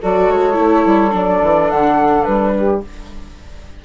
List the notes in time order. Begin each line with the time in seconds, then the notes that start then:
0.00 F#3 F#4 A4 D5
0.29 G#3 C#5
0.54 A3 E4
0.85 G3
1.10 F#3 D4 D5
1.41 E3
1.70 D3 F#5
2.24 G3 B4
2.56 G4